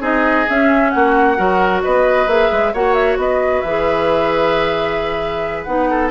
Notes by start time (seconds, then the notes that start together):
0.00 C4 D#4 G#4 D#5
0.49 C#4 E5
0.90 A#3 F#4 F#5
1.36 F#3 F#4 A#4
1.83 B3 B4 D#5
2.27 A#3 G#4 E5
2.52 G#3
2.73 A#3 F#4 C#5 F#5
2.93 E5
3.17 B3 B4 D#5
3.61 E3 E5
3.67 G#4
5.63 B3 D#4 F#5
5.90 A4